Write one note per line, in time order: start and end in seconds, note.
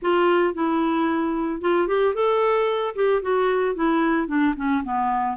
0.02 0.54 F4
0.54 1.61 E4
1.61 1.87 F4
1.87 2.14 G4
2.14 2.94 A4
2.95 3.21 G4
3.21 3.75 F#4
3.75 4.27 E4
4.27 4.54 D4
4.56 4.83 C#4
4.84 5.37 B3